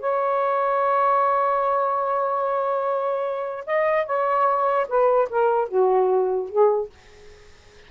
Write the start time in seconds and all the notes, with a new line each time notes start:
0.00 C#5
3.67 D#5
4.06 C#5
4.88 B4
5.30 A#4
5.68 F#4
6.49 G#4